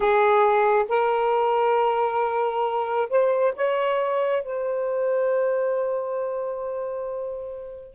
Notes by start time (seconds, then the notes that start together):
0.00 G#4
0.88 A#4
3.09 C5
3.56 C#5
4.42 C5